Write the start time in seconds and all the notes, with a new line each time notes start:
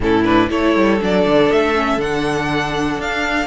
0.00 A2 C#4 E4 A4
0.24 D4 B4
0.49 A3 E4 A4 C#5
0.75 G3
0.99 F#3 D4 D5
1.25 D3
1.51 A3 E5
1.74 C#4
1.97 D3 D4 F#5
2.98 D4 F5